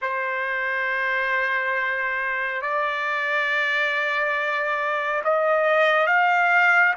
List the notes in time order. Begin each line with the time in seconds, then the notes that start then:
0.01 C5
2.61 D5
5.24 D#5
6.07 F5